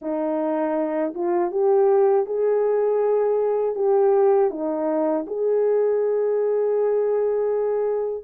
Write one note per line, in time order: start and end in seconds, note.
0.01 1.14 D#4
1.14 1.51 F4
1.51 2.25 G4
2.25 3.75 G#4
3.75 4.50 G4
4.50 5.25 D#4
5.26 8.24 G#4